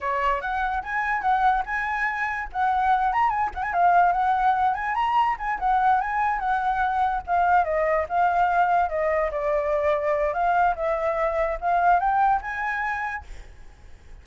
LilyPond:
\new Staff \with { instrumentName = "flute" } { \time 4/4 \tempo 4 = 145 cis''4 fis''4 gis''4 fis''4 | gis''2 fis''4. ais''8 | gis''8 fis''16 gis''16 f''4 fis''4. gis''8 | ais''4 gis''8 fis''4 gis''4 fis''8~ |
fis''4. f''4 dis''4 f''8~ | f''4. dis''4 d''4.~ | d''4 f''4 e''2 | f''4 g''4 gis''2 | }